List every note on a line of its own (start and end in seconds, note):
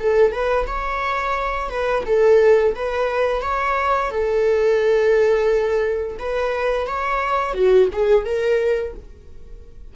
0.00 0.32 A4
0.32 0.66 B4
0.67 1.70 C#5
1.70 2.04 B4
2.06 2.75 A4
2.76 3.42 B4
3.42 4.11 C#5
4.11 6.18 A4
6.19 6.87 B4
6.87 7.54 C#5
7.54 7.89 F#4
7.93 8.25 G#4
8.25 8.94 A#4